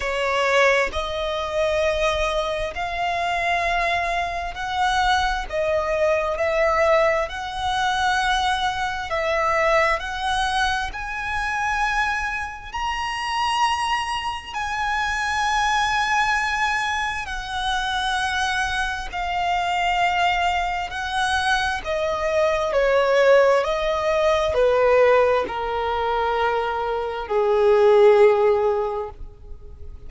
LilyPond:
\new Staff \with { instrumentName = "violin" } { \time 4/4 \tempo 4 = 66 cis''4 dis''2 f''4~ | f''4 fis''4 dis''4 e''4 | fis''2 e''4 fis''4 | gis''2 ais''2 |
gis''2. fis''4~ | fis''4 f''2 fis''4 | dis''4 cis''4 dis''4 b'4 | ais'2 gis'2 | }